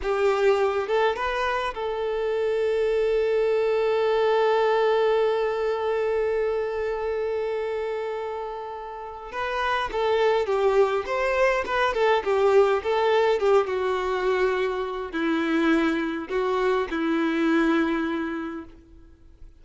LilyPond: \new Staff \with { instrumentName = "violin" } { \time 4/4 \tempo 4 = 103 g'4. a'8 b'4 a'4~ | a'1~ | a'1~ | a'1 |
b'4 a'4 g'4 c''4 | b'8 a'8 g'4 a'4 g'8 fis'8~ | fis'2 e'2 | fis'4 e'2. | }